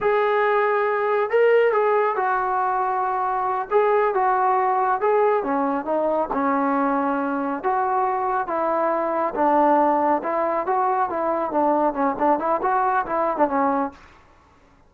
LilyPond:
\new Staff \with { instrumentName = "trombone" } { \time 4/4 \tempo 4 = 138 gis'2. ais'4 | gis'4 fis'2.~ | fis'8 gis'4 fis'2 gis'8~ | gis'8 cis'4 dis'4 cis'4.~ |
cis'4. fis'2 e'8~ | e'4. d'2 e'8~ | e'8 fis'4 e'4 d'4 cis'8 | d'8 e'8 fis'4 e'8. d'16 cis'4 | }